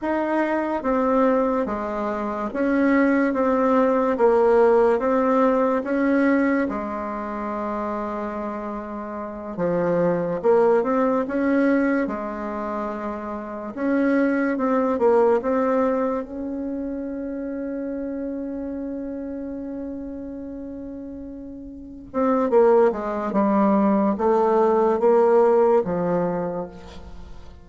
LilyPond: \new Staff \with { instrumentName = "bassoon" } { \time 4/4 \tempo 4 = 72 dis'4 c'4 gis4 cis'4 | c'4 ais4 c'4 cis'4 | gis2.~ gis8 f8~ | f8 ais8 c'8 cis'4 gis4.~ |
gis8 cis'4 c'8 ais8 c'4 cis'8~ | cis'1~ | cis'2~ cis'8 c'8 ais8 gis8 | g4 a4 ais4 f4 | }